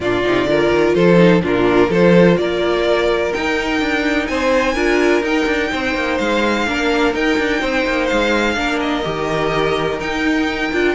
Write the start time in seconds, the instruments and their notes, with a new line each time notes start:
0.00 cello A#2, viola D4, violin F4 D5
0.24 cello C3, viola D#4
0.45 cello D3, viola F4, violin A#4
0.70 cello D#3
0.94 cello F3, violin A4 C5
1.16 viola D#4
1.42 cello A#2, viola D4, violin F4 A#4
1.89 cello F3, viola F4, violin A4 C5
2.37 cello A#3, violin A#4 D5
3.32 viola D#4, cello D#4, violin G5
3.81 cello D4
4.27 cello C4, violin C5 G#5
4.74 cello D4, viola F4, violin A#4
5.21 cello D#4, viola D#4, violin G5
5.46 cello D4
5.71 cello C4, violin C5
5.94 cello A#3
6.17 cello G#3, violin F5
6.66 cello A#3, viola D4, violin A#4
7.13 viola D#4, cello D#4, violin G5
7.38 cello D4
7.60 cello C4, violin C5
7.86 cello A#3
8.06 cello G#3, violin F5
8.55 cello A#3, viola D4, violin A#4
8.80 violin D#5
9.03 cello D#3, viola G4
9.99 cello D#4, viola D#4, violin G5
10.72 cello D4, viola F4